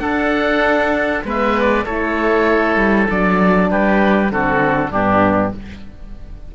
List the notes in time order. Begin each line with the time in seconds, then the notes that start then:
0.00 D4 A4 F#5
1.25 G#3 B3 B4 E5
1.60 D5
1.85 A3 E4 A4 C#5
2.77 G3
3.07 F#3 D4 D5
3.71 G3 G4 B4
4.30 D3 C4 F#4 A4
4.91 G2 B3 D4 G4